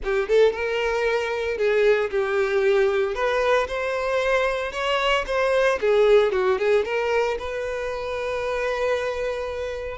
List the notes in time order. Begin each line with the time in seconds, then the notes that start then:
0.04 G4
0.28 A4
0.52 A#4
1.57 G#4
2.10 G4
3.14 B4
3.67 C5
4.72 C#5
5.26 C5
5.80 G#4
6.32 F#4
6.58 G#4
6.84 A#4
7.39 B4